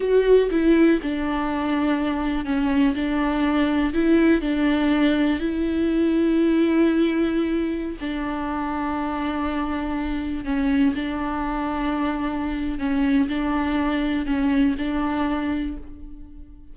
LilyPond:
\new Staff \with { instrumentName = "viola" } { \time 4/4 \tempo 4 = 122 fis'4 e'4 d'2~ | d'4 cis'4 d'2 | e'4 d'2 e'4~ | e'1~ |
e'16 d'2.~ d'8.~ | d'4~ d'16 cis'4 d'4.~ d'16~ | d'2 cis'4 d'4~ | d'4 cis'4 d'2 | }